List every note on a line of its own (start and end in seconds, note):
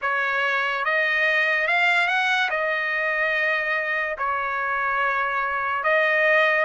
0.01 0.84 C#5
0.84 1.67 D#5
1.67 2.07 F5
2.07 2.49 F#5
2.50 4.16 D#5
4.17 5.83 C#5
5.83 6.65 D#5